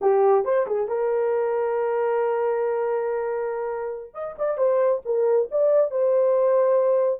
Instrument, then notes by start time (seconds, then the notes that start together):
horn
0.01 G4
0.44 C5
0.66 G#4
0.88 A#4
4.14 D#5
4.38 D5
4.57 C5
5.05 A#4
5.51 D5
5.90 C5